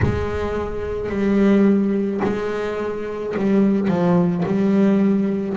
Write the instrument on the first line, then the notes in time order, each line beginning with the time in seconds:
double bass
0.02 G#3
1.09 G3
2.23 G#3
3.36 G3
3.88 F3
4.45 G3